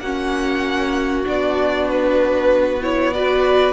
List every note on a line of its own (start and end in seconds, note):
0.00 1.25 A#3
0.00 1.24 C#4
0.00 3.14 F#4
0.00 1.25 F#5
1.24 3.73 B3
1.24 2.80 D4
1.24 1.89 D5
1.89 2.83 B4
2.82 3.13 E4
2.82 3.13 C#5
3.13 3.73 F#4
3.13 3.73 B4
3.13 3.73 D5